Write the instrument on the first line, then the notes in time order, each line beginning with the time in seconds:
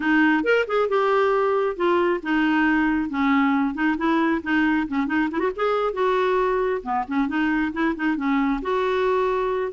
clarinet
0.00 D#4
0.43 A#4
0.67 G#4
0.88 G4
1.76 F4
2.22 D#4
3.09 C#4
3.74 D#4
3.97 E4
4.43 D#4
4.88 C#4
5.06 D#4
5.31 E4
5.39 F#4
5.55 G#4
5.93 F#4
6.83 B3
7.07 C#4
7.28 D#4
7.72 E4
7.95 D#4
8.16 C#4
8.62 F#4